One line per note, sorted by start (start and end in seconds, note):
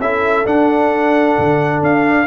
0.00 0.45 C#4
0.00 0.46 E4
0.00 2.28 A4
0.00 0.47 E5
0.46 1.37 D4
0.46 2.28 D4
0.46 1.83 F#5
1.39 1.83 D3
1.83 2.28 D4
1.83 2.28 F5